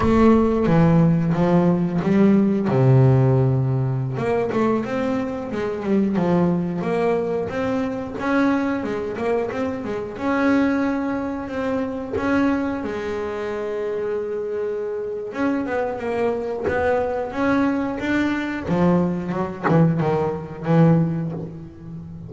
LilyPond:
\new Staff \with { instrumentName = "double bass" } { \time 4/4 \tempo 4 = 90 a4 e4 f4 g4 | c2~ c16 ais8 a8 c'8.~ | c'16 gis8 g8 f4 ais4 c'8.~ | c'16 cis'4 gis8 ais8 c'8 gis8 cis'8.~ |
cis'4~ cis'16 c'4 cis'4 gis8.~ | gis2. cis'8 b8 | ais4 b4 cis'4 d'4 | f4 fis8 e8 dis4 e4 | }